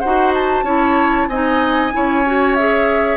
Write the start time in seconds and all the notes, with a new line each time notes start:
0.00 D#4 F#4 C5 F#5
0.34 A5
0.64 C#4 E4 C#5
1.28 C4 D#4 D#5 G#5
1.92 C#4 E4 C#5
2.26 F#4
2.55 G#4 E5